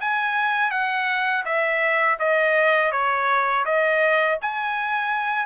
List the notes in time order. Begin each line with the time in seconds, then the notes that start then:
0.00 G#5
0.71 F#5
1.45 E5
2.19 D#5
2.91 C#5
3.65 D#5
4.41 G#5